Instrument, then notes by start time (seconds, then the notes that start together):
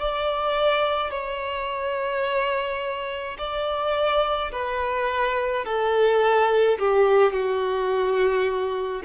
violin
0.00 D5
1.11 C#5
3.38 D5
4.52 B4
5.65 A4
6.79 G4
7.33 F#4